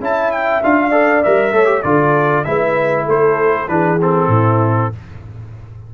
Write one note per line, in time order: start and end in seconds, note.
0.00 0.61 C#4
0.00 0.62 E4
0.00 0.88 E5
0.00 0.31 A5
0.31 0.62 G5
0.63 1.25 D4
0.63 0.91 F4
0.63 1.23 F5
0.88 1.22 A4
0.88 1.50 D5
1.23 1.52 G3
1.23 1.53 A#4
1.23 1.83 E5
1.52 1.82 A3
1.52 1.65 A4
1.52 1.83 C#5
1.65 1.80 G4
1.83 2.45 D3
1.83 2.45 F4
1.83 2.46 A4
1.83 2.44 D5
2.44 3.08 G#3
2.44 3.67 E4
2.44 3.04 B4
2.44 3.05 E5
3.04 3.68 A3
3.04 3.65 A4
3.04 3.68 C5
3.68 4.28 E3
3.68 3.99 D4
3.68 4.30 G#4
3.68 3.98 B4
4.01 4.92 C4
4.01 4.94 A4
4.28 4.89 A2
4.28 4.92 E4